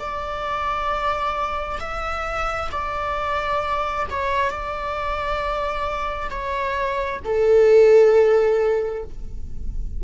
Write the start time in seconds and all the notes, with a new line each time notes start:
0.00 D5
1.80 E5
2.72 D5
4.10 C#5
4.51 D5
6.31 C#5
7.25 A4